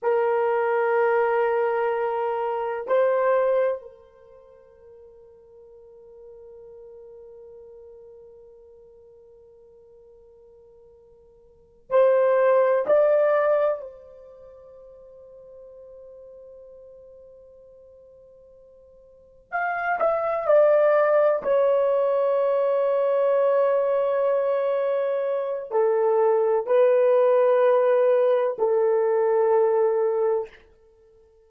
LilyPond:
\new Staff \with { instrumentName = "horn" } { \time 4/4 \tempo 4 = 63 ais'2. c''4 | ais'1~ | ais'1~ | ais'8 c''4 d''4 c''4.~ |
c''1~ | c''8 f''8 e''8 d''4 cis''4.~ | cis''2. a'4 | b'2 a'2 | }